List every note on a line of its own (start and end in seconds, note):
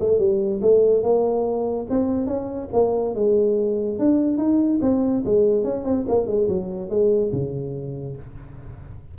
0.00 0.19 A3
0.19 0.61 G3
0.62 1.03 A3
1.03 1.87 A#3
1.90 2.27 C4
2.27 2.69 C#4
2.73 3.15 A#3
3.15 3.99 G#3
3.99 4.38 D4
4.38 4.79 D#4
4.82 5.24 C4
5.25 5.64 G#3
5.64 5.85 C#4
5.85 6.06 C4
6.08 6.27 A#3
6.27 6.48 G#3
6.48 6.90 F#3
6.90 7.32 G#3
7.32 8.16 C#3